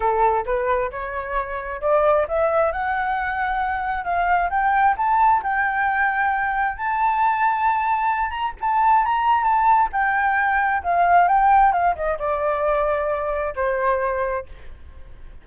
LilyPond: \new Staff \with { instrumentName = "flute" } { \time 4/4 \tempo 4 = 133 a'4 b'4 cis''2 | d''4 e''4 fis''2~ | fis''4 f''4 g''4 a''4 | g''2. a''4~ |
a''2~ a''8 ais''8 a''4 | ais''4 a''4 g''2 | f''4 g''4 f''8 dis''8 d''4~ | d''2 c''2 | }